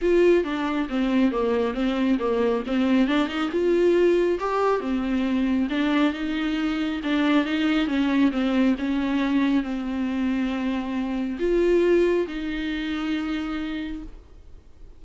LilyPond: \new Staff \with { instrumentName = "viola" } { \time 4/4 \tempo 4 = 137 f'4 d'4 c'4 ais4 | c'4 ais4 c'4 d'8 dis'8 | f'2 g'4 c'4~ | c'4 d'4 dis'2 |
d'4 dis'4 cis'4 c'4 | cis'2 c'2~ | c'2 f'2 | dis'1 | }